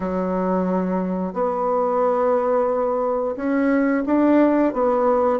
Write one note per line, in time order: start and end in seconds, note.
0.00 1.33 F#3
1.33 3.35 B3
3.36 4.03 C#4
4.06 4.73 D4
4.73 5.39 B3